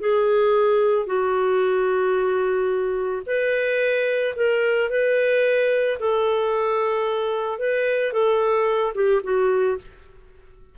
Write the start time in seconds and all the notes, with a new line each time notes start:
0.00 G#4
1.06 F#4
3.27 B4
4.36 A#4
4.90 B4
5.99 A4
7.58 B4
8.13 A4
8.95 G4
9.23 F#4